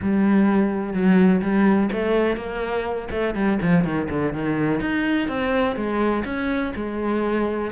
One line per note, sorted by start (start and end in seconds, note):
0.01 0.93 G3
0.93 1.41 F#3
1.41 1.89 G3
1.92 2.36 A3
2.36 3.08 A#3
3.10 3.34 A3
3.34 3.58 G3
3.62 3.84 F3
3.84 4.08 D#3
4.10 4.33 D3
4.33 4.80 D#3
4.80 5.28 D#4
5.28 5.76 C4
5.76 6.24 G#3
6.24 6.72 C#4
6.75 7.71 G#3